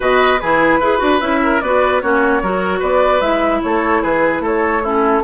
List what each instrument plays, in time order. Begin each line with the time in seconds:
0.00 bassoon B2, clarinet F#4, oboe B4, flute D#5
0.40 bassoon E3, clarinet E4, oboe G#4, flute B4
0.79 bassoon E4, clarinet G#4, oboe B4
0.98 bassoon D4, clarinet F#4
1.20 bassoon C#4, clarinet E4, flute E5
1.43 oboe A#4
1.60 bassoon B3, clarinet F#4, oboe B4, flute D5
2.01 bassoon A#3, clarinet C#4, oboe F#4, flute C#5
2.42 bassoon F#3, clarinet F#4, oboe A#4
2.79 bassoon B3, oboe B4, flute D5
3.20 bassoon G#3, clarinet E4, flute E5
3.62 bassoon A3, oboe A4, flute C#5
4.02 bassoon E3, oboe G#4, flute B4
4.39 bassoon A3, oboe A4
4.46 flute C#5
4.82 clarinet C#4, oboe E4, flute A4